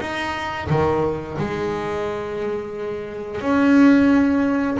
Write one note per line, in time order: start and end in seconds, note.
0.00 0.68 D#4
0.70 1.38 D#3
1.38 3.42 G#3
3.42 4.78 C#4